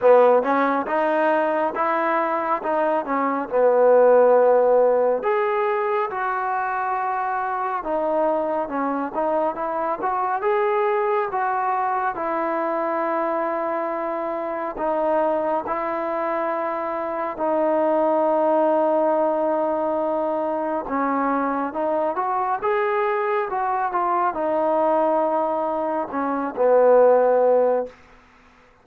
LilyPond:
\new Staff \with { instrumentName = "trombone" } { \time 4/4 \tempo 4 = 69 b8 cis'8 dis'4 e'4 dis'8 cis'8 | b2 gis'4 fis'4~ | fis'4 dis'4 cis'8 dis'8 e'8 fis'8 | gis'4 fis'4 e'2~ |
e'4 dis'4 e'2 | dis'1 | cis'4 dis'8 fis'8 gis'4 fis'8 f'8 | dis'2 cis'8 b4. | }